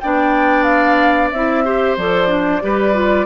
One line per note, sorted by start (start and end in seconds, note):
0.00 1.32 B3
0.00 1.34 D4
0.00 1.64 D5
0.00 0.63 G5
0.63 1.28 F5
1.31 1.97 C4
1.31 1.64 E4
1.31 1.96 E5
1.64 1.97 G4
1.64 2.62 C5
1.97 2.62 F3
1.97 2.27 A4
1.97 3.26 D5
2.27 2.60 D4
2.61 3.26 G3
2.61 2.93 G4
2.61 3.26 B4
2.93 3.26 F4